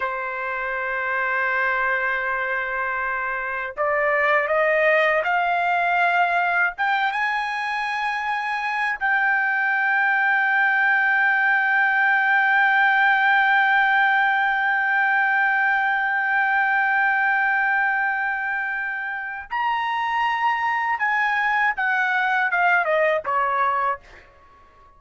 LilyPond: \new Staff \with { instrumentName = "trumpet" } { \time 4/4 \tempo 4 = 80 c''1~ | c''4 d''4 dis''4 f''4~ | f''4 g''8 gis''2~ gis''8 | g''1~ |
g''1~ | g''1~ | g''2 ais''2 | gis''4 fis''4 f''8 dis''8 cis''4 | }